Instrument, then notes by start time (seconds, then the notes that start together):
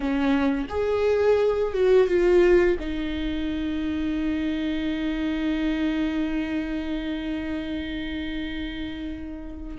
viola
0.00 C#4
0.68 G#4
1.73 F#4
2.07 F4
2.79 D#4